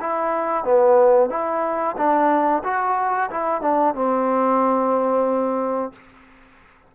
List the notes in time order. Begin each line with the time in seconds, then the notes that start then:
0.00 E4
0.64 B3
1.30 E4
1.97 D4
2.63 F#4
3.31 E4
3.61 D4
3.95 C4